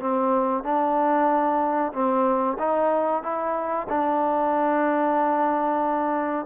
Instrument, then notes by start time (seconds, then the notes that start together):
trombone
0.00 C4
0.63 D4
1.92 C4
2.58 D#4
3.22 E4
3.89 D4